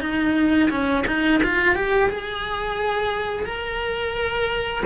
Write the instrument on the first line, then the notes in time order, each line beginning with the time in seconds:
cello
0.00 D#4
0.70 C#4
1.07 D#4
1.43 F4
1.75 G4
2.09 G#4
3.45 A#4